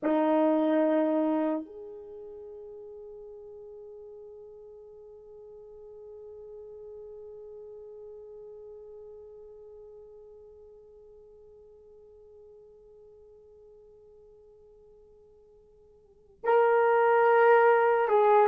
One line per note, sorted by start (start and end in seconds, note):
0.02 1.65 D#4
1.65 16.43 G#4
16.43 18.08 A#4
18.08 18.47 G#4